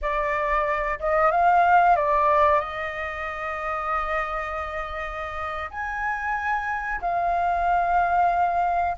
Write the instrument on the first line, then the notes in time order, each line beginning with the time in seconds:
flute
0.01 D5
0.99 D#5
1.31 F5
1.96 D5
2.60 D#5
5.70 G#5
7.01 F5